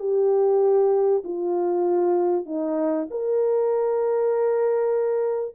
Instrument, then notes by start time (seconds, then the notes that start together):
horn
0.00 G4
1.24 F4
2.46 D#4
3.11 A#4